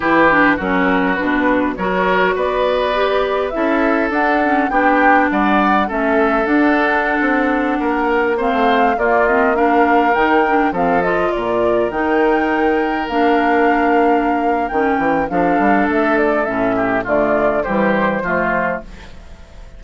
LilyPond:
<<
  \new Staff \with { instrumentName = "flute" } { \time 4/4 \tempo 4 = 102 b'4 ais'4 b'4 cis''4 | d''2 e''4 fis''4 | g''4 fis''4 e''4 fis''4~ | fis''2~ fis''16 f''4 d''8 dis''16~ |
dis''16 f''4 g''4 f''8 dis''8 d''8.~ | d''16 g''2 f''4.~ f''16~ | f''4 g''4 f''4 e''8 d''8 | e''4 d''4 c''2 | }
  \new Staff \with { instrumentName = "oboe" } { \time 4/4 g'4 fis'2 ais'4 | b'2 a'2 | g'4 d''4 a'2~ | a'4~ a'16 ais'4 c''4 f'8.~ |
f'16 ais'2 a'4 ais'8.~ | ais'1~ | ais'2 a'2~ | a'8 g'8 f'4 g'4 f'4 | }
  \new Staff \with { instrumentName = "clarinet" } { \time 4/4 e'8 d'8 cis'4 d'4 fis'4~ | fis'4 g'4 e'4 d'8 cis'8 | d'2 cis'4 d'4~ | d'2~ d'16 c'4 ais8 c'16~ |
c'16 d'4 dis'8 d'8 c'8 f'4~ f'16~ | f'16 dis'2 d'4.~ d'16~ | d'4 cis'4 d'2 | cis'4 a4 g4 a4 | }
  \new Staff \with { instrumentName = "bassoon" } { \time 4/4 e4 fis4 b,4 fis4 | b2 cis'4 d'4 | b4 g4 a4 d'4~ | d'16 c'4 ais4~ ais16 a8. ais8.~ |
ais4~ ais16 dis4 f4 ais,8.~ | ais,16 dis2 ais4.~ ais16~ | ais4 dis8 e8 f8 g8 a4 | a,4 d4 e4 f4 | }
>>